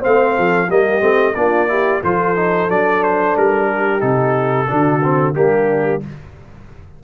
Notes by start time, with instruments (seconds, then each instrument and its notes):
0.00 tuba A3, trombone C4, horn C5, trumpet F5
0.35 tuba F3, horn A4
0.68 tuba G3, trombone A#3, horn G4, trumpet D#5
1.00 tuba A3, trombone C4
1.35 tuba A#3, trombone D4, horn F4, trumpet D5
1.68 trombone E4, horn G4
2.03 tuba F3, trombone F4, horn A4, trumpet C5
2.35 trombone D#4
2.68 tuba F#3, trombone D4, trumpet D5
3.03 trumpet C5
3.37 tuba G3, trumpet A#4
3.68 horn G4
3.99 tuba C3, trombone D#4, trumpet A4
4.67 tuba D3, trombone D4, horn F#4
5.03 trombone C4
5.34 tuba G3, trombone A#3, horn D4, trumpet G4